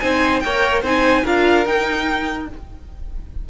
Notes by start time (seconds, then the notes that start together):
0.00 C4 D#4 C5 G#5
0.40 A#3 A#4 C#5 G5
0.83 C4 D#4 C5 G#5
1.24 D4 F4 A#4 F5
1.65 D#4 G5